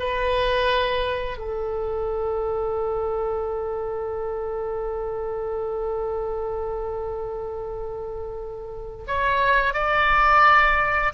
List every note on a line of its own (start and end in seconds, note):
0.00 1.38 B4
1.38 9.06 A4
9.08 9.74 C#5
9.74 11.13 D5